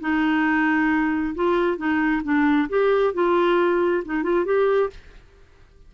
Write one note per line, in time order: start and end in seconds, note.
0.00 1.34 D#4
1.35 1.77 F4
1.77 2.22 D#4
2.23 2.68 D4
2.69 3.13 G4
3.13 4.03 F4
4.05 4.23 D#4
4.23 4.45 F4
4.45 4.89 G4